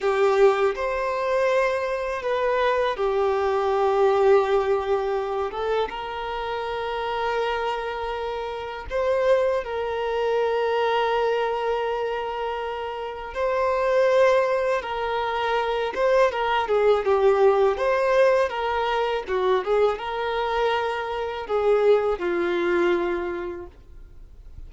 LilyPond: \new Staff \with { instrumentName = "violin" } { \time 4/4 \tempo 4 = 81 g'4 c''2 b'4 | g'2.~ g'8 a'8 | ais'1 | c''4 ais'2.~ |
ais'2 c''2 | ais'4. c''8 ais'8 gis'8 g'4 | c''4 ais'4 fis'8 gis'8 ais'4~ | ais'4 gis'4 f'2 | }